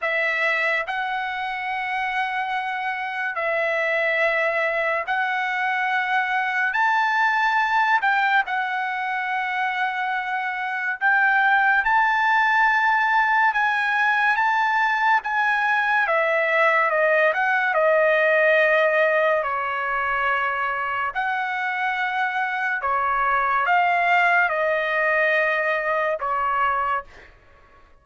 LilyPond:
\new Staff \with { instrumentName = "trumpet" } { \time 4/4 \tempo 4 = 71 e''4 fis''2. | e''2 fis''2 | a''4. g''8 fis''2~ | fis''4 g''4 a''2 |
gis''4 a''4 gis''4 e''4 | dis''8 fis''8 dis''2 cis''4~ | cis''4 fis''2 cis''4 | f''4 dis''2 cis''4 | }